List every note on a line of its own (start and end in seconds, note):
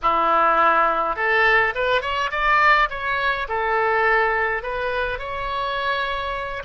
0.02 1.16 E4
1.16 1.73 A4
1.74 2.01 B4
2.01 2.30 C#5
2.31 2.88 D5
2.90 3.47 C#5
3.48 4.62 A4
4.62 5.18 B4
5.18 6.63 C#5